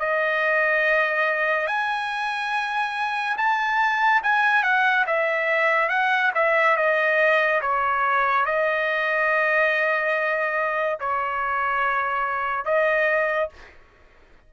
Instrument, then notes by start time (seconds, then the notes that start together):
trumpet
0.00 D#5
1.67 G#5
3.38 A5
4.24 G#5
4.63 F#5
5.07 E5
5.89 F#5
6.35 E5
6.77 D#5
7.62 C#5
8.46 D#5
11.00 C#5
12.65 D#5